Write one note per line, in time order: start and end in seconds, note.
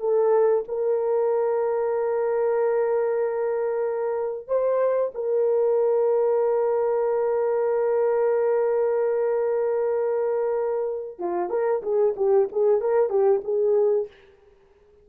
0.00 0.64 A4
0.68 4.48 A#4
4.48 5.12 C5
5.14 11.19 A#4
11.19 11.50 F4
11.50 11.82 A#4
11.82 12.14 G#4
12.17 12.48 G4
12.52 12.81 G#4
12.81 13.09 A#4
13.09 13.41 G4
13.44 14.08 G#4